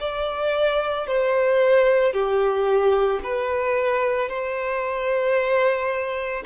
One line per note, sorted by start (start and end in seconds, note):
0.00 1.07 D5
1.07 2.13 C5
2.13 3.20 G4
3.24 4.30 B4
4.30 6.44 C5